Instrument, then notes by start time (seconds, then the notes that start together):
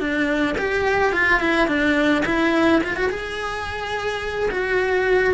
cello
0.00 D4
0.58 G4
1.13 F4
1.40 E4
1.68 D4
2.26 E4
2.84 F4
2.96 F#4
3.10 G#4
4.51 F#4